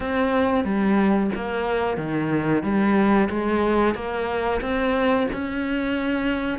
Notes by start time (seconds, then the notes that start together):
0.00 C4
0.64 G3
1.35 A#3
1.97 D#3
2.63 G3
3.29 G#3
3.94 A#3
4.61 C4
5.32 C#4